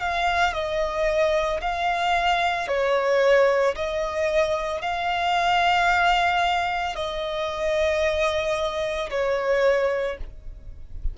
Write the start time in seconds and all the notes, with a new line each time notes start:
0.00 F5
0.54 D#5
1.61 F5
2.68 C#5
3.75 D#5
4.82 F5
6.95 D#5
9.10 C#5